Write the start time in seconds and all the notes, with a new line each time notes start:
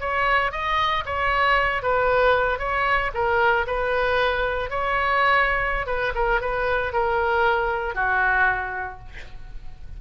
0.00 C#5
0.52 D#5
1.06 C#5
1.83 B4
2.59 C#5
3.14 A#4
3.67 B4
4.70 C#5
5.87 B4
6.15 A#4
6.41 B4
6.93 A#4
7.95 F#4